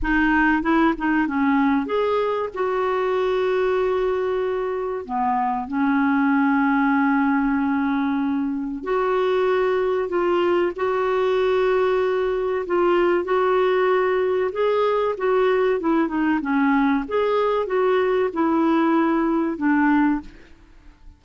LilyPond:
\new Staff \with { instrumentName = "clarinet" } { \time 4/4 \tempo 4 = 95 dis'4 e'8 dis'8 cis'4 gis'4 | fis'1 | b4 cis'2.~ | cis'2 fis'2 |
f'4 fis'2. | f'4 fis'2 gis'4 | fis'4 e'8 dis'8 cis'4 gis'4 | fis'4 e'2 d'4 | }